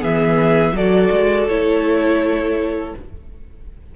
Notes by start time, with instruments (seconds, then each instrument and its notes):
0.00 cello E3, viola B3, violin G#4 E5
0.73 cello F#3, violin A4 D5
0.79 viola F#4
1.11 cello G#3
1.47 cello A3, viola E4, violin C#5